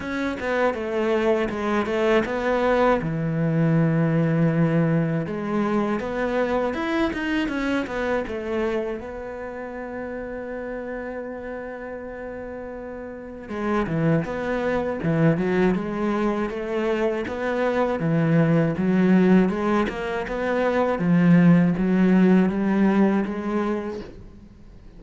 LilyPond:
\new Staff \with { instrumentName = "cello" } { \time 4/4 \tempo 4 = 80 cis'8 b8 a4 gis8 a8 b4 | e2. gis4 | b4 e'8 dis'8 cis'8 b8 a4 | b1~ |
b2 gis8 e8 b4 | e8 fis8 gis4 a4 b4 | e4 fis4 gis8 ais8 b4 | f4 fis4 g4 gis4 | }